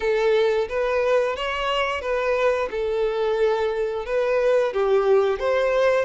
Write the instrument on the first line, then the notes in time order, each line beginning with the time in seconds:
violin
0.00 A4
0.68 B4
1.36 C#5
2.01 B4
2.70 A4
4.05 B4
4.73 G4
5.39 C5